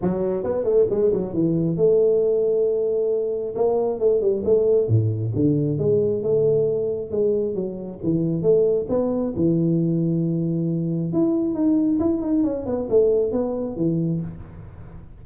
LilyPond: \new Staff \with { instrumentName = "tuba" } { \time 4/4 \tempo 4 = 135 fis4 b8 a8 gis8 fis8 e4 | a1 | ais4 a8 g8 a4 a,4 | d4 gis4 a2 |
gis4 fis4 e4 a4 | b4 e2.~ | e4 e'4 dis'4 e'8 dis'8 | cis'8 b8 a4 b4 e4 | }